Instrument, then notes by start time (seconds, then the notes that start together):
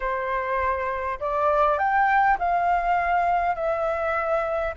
flute
0.00 C5
1.20 D5
1.78 G5
2.38 F5
3.55 E5